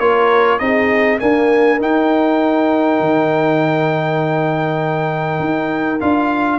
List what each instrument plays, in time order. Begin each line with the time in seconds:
0.00 tuba A#3, trombone F4, horn A#4, trumpet C#5
0.59 tuba C4, trombone D#4, horn G#4, trumpet D#5
1.20 trombone A#3, tuba D4, horn A#4, trumpet G#5
1.80 trombone D#4, tuba D#4, trumpet G5
3.00 tuba D#3
5.40 tuba D#4
6.01 tuba D4, trombone F4, trumpet F5